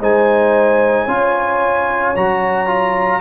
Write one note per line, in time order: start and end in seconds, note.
0.00 1.07 G#3
0.00 1.08 D#4
0.00 1.04 C5
0.00 2.16 G#5
1.04 2.14 C#4
1.04 2.15 F4
1.04 3.19 C#5
2.16 3.21 F#3
2.16 2.67 F#4
2.16 3.21 A#5
2.67 3.20 F4